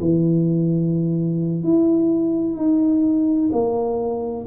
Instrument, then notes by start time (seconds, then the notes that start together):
tuba
0.00 E3
1.64 E4
2.56 D#4
3.52 A#3